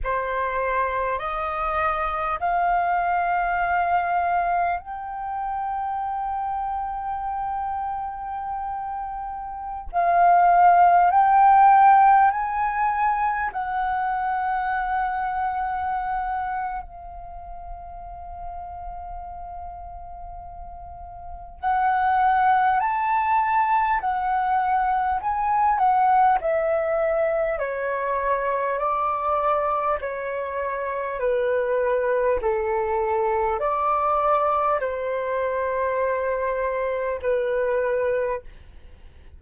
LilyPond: \new Staff \with { instrumentName = "flute" } { \time 4/4 \tempo 4 = 50 c''4 dis''4 f''2 | g''1~ | g''16 f''4 g''4 gis''4 fis''8.~ | fis''2 f''2~ |
f''2 fis''4 a''4 | fis''4 gis''8 fis''8 e''4 cis''4 | d''4 cis''4 b'4 a'4 | d''4 c''2 b'4 | }